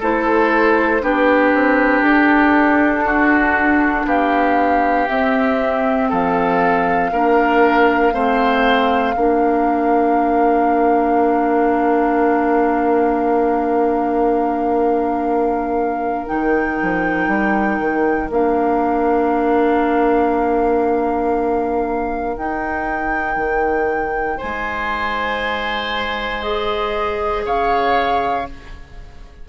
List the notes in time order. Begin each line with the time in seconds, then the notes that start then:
0.00 A3 E4 A4 C5
1.01 B3 D4 G4 B4
1.54 C4
2.01 D4 A4
3.05 F#4
4.05 B3 G4 F5
5.08 C4 E5
6.09 F3 A4 F5
7.12 A#3 D4 A#4
8.13 A3 C4 C5
9.16 A#3 D4 A#4
16.26 D#3 D#4 G5
16.82 F3
17.27 G3
17.79 D#3
18.30 A#3 D4 F5
22.37 D#4 G5
23.36 D#3
24.37 G#3 C5 G#5
26.42 G#4 D#5
27.45 C#3 C#5 F5